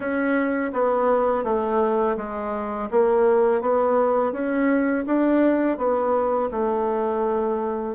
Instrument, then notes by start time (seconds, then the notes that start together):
bassoon
0.00 C#4
0.72 B3
1.44 A3
2.17 G#3
2.90 A#3
3.61 B3
4.32 C#4
5.06 D4
5.77 B3
6.51 A3